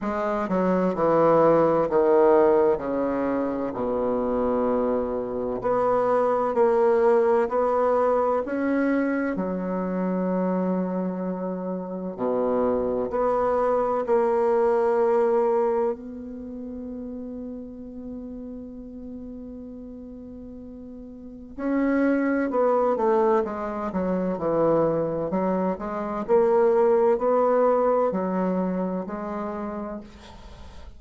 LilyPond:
\new Staff \with { instrumentName = "bassoon" } { \time 4/4 \tempo 4 = 64 gis8 fis8 e4 dis4 cis4 | b,2 b4 ais4 | b4 cis'4 fis2~ | fis4 b,4 b4 ais4~ |
ais4 b2.~ | b2. cis'4 | b8 a8 gis8 fis8 e4 fis8 gis8 | ais4 b4 fis4 gis4 | }